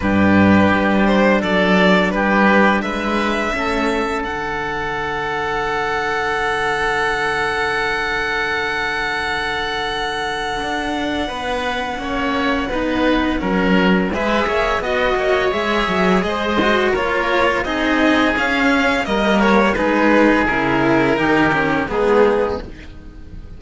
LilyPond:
<<
  \new Staff \with { instrumentName = "violin" } { \time 4/4 \tempo 4 = 85 b'4. c''8 d''4 b'4 | e''2 fis''2~ | fis''1~ | fis''1~ |
fis''1 | e''4 dis''4 e''4 dis''4 | cis''4 dis''4 f''4 dis''8 cis''8 | b'4 ais'2 gis'4 | }
  \new Staff \with { instrumentName = "oboe" } { \time 4/4 g'2 a'4 g'4 | b'4 a'2.~ | a'1~ | a'1 |
b'4 cis''4 b'4 ais'4 | b'8 cis''8 dis''8 cis''4. c''4 | ais'4 gis'2 ais'4 | gis'2 g'4 dis'4 | }
  \new Staff \with { instrumentName = "cello" } { \time 4/4 d'1~ | d'4 cis'4 d'2~ | d'1~ | d'1~ |
d'4 cis'4 dis'4 cis'4 | gis'4 fis'4 gis'4. fis'8 | f'4 dis'4 cis'4 ais4 | dis'4 e'4 dis'8 cis'8 b4 | }
  \new Staff \with { instrumentName = "cello" } { \time 4/4 g,4 g4 fis4 g4 | gis4 a4 d2~ | d1~ | d2. d'4 |
b4 ais4 b4 fis4 | gis8 ais8 b8 ais8 gis8 fis8 gis4 | ais4 c'4 cis'4 g4 | gis4 cis4 dis4 gis4 | }
>>